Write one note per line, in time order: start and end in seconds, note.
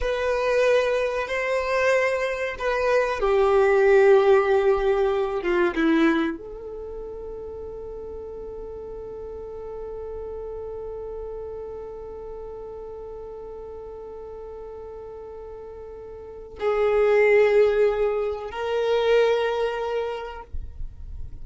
0.00 1.27 B4
1.27 2.55 C5
2.58 3.20 B4
3.20 5.42 G4
5.42 5.74 F4
5.75 6.37 E4
6.37 16.58 A4
16.59 18.50 G#4
18.50 20.42 A#4